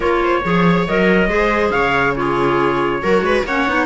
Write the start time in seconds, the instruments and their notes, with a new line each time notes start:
0.00 cello A#3, clarinet F4, viola A#4, trumpet C#5
0.23 viola C5
0.44 cello F3, clarinet G#4, viola C#5
0.88 cello F#3, clarinet A#4, trumpet D#5
1.27 cello G#3, clarinet G#4, viola C5
1.71 cello C#3, viola C#5, trumpet F5
2.15 clarinet F4, viola G#4, trumpet C#5
3.01 cello F#3, clarinet F#4, viola A#4
3.21 cello G#3, viola B4
3.44 cello A#3, clarinet C#4, viola C#5, trumpet F#5
3.67 cello B3, clarinet D#4